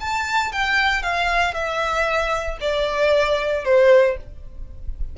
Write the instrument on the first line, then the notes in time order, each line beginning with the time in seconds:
violin
0.00 A5
0.52 G5
1.02 F5
1.54 E5
2.61 D5
3.65 C5